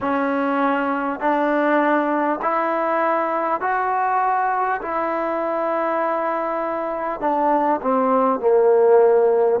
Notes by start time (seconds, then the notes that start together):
0.01 C#4
1.19 D4
2.42 E4
3.60 F#4
4.81 E4
7.20 D4
7.81 C4
8.39 A#3